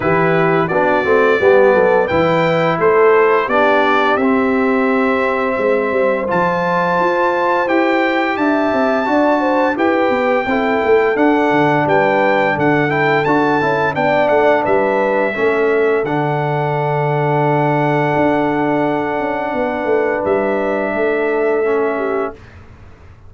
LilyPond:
<<
  \new Staff \with { instrumentName = "trumpet" } { \time 4/4 \tempo 4 = 86 b'4 d''2 g''4 | c''4 d''4 e''2~ | e''4 a''2 g''4 | a''2 g''2 |
fis''4 g''4 fis''8 g''8 a''4 | g''8 fis''8 e''2 fis''4~ | fis''1~ | fis''4 e''2. | }
  \new Staff \with { instrumentName = "horn" } { \time 4/4 g'4 fis'4 g'8 a'8 b'4 | a'4 g'2. | c''1 | e''4 d''8 c''8 b'4 a'4~ |
a'4 b'4 a'2 | d''4 b'4 a'2~ | a'1 | b'2 a'4. g'8 | }
  \new Staff \with { instrumentName = "trombone" } { \time 4/4 e'4 d'8 c'8 b4 e'4~ | e'4 d'4 c'2~ | c'4 f'2 g'4~ | g'4 fis'4 g'4 e'4 |
d'2~ d'8 e'8 fis'8 e'8 | d'2 cis'4 d'4~ | d'1~ | d'2. cis'4 | }
  \new Staff \with { instrumentName = "tuba" } { \time 4/4 e4 b8 a8 g8 fis8 e4 | a4 b4 c'2 | gis8 g8 f4 f'4 e'4 | d'8 c'8 d'4 e'8 b8 c'8 a8 |
d'8 d8 g4 d4 d'8 cis'8 | b8 a8 g4 a4 d4~ | d2 d'4. cis'8 | b8 a8 g4 a2 | }
>>